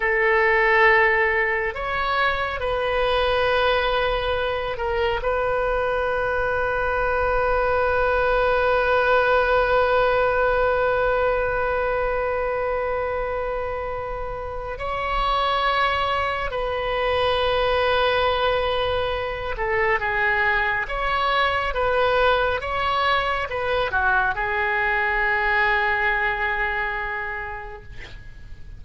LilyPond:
\new Staff \with { instrumentName = "oboe" } { \time 4/4 \tempo 4 = 69 a'2 cis''4 b'4~ | b'4. ais'8 b'2~ | b'1~ | b'1~ |
b'4 cis''2 b'4~ | b'2~ b'8 a'8 gis'4 | cis''4 b'4 cis''4 b'8 fis'8 | gis'1 | }